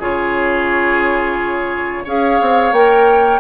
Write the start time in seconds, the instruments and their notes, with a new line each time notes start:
0.00 bassoon C#3, clarinet F4, oboe G#4, flute C#5
2.05 bassoon C#4, clarinet G#4, oboe C#5, flute F5
2.41 bassoon C4
2.72 bassoon A#3, clarinet A#4, flute G5